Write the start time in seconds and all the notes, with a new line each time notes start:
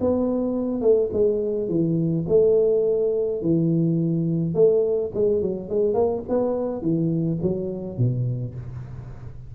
0.00 B3
0.81 A3
1.12 G#3
1.68 E3
2.28 A3
3.41 E3
4.54 A3
5.14 G#3
5.41 F#3
5.69 G#3
5.94 A#3
6.28 B3
6.81 E3
7.42 F#3
7.97 B2